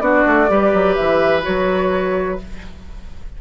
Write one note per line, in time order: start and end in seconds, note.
0.00 0.24 B3
0.00 0.48 D4
0.00 0.50 F#4
0.00 0.95 D5
0.27 0.50 A3
0.48 0.73 G3
0.48 1.42 G4
0.48 2.41 B4
0.73 0.97 F#3
0.95 1.47 E3
0.95 1.42 E5
1.42 2.41 F#3
1.42 2.37 F#4
1.42 2.38 C#5